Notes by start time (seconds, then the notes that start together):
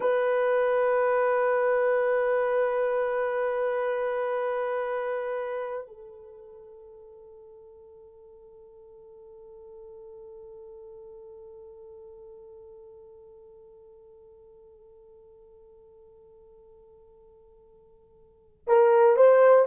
0.00 B4
5.87 A4
18.67 A#4
19.16 C5